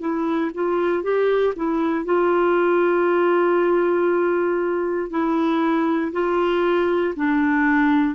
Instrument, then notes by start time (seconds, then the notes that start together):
clarinet
0.00 E4
0.54 F4
1.03 G4
1.55 E4
2.05 F4
5.10 E4
6.12 F4
7.16 D4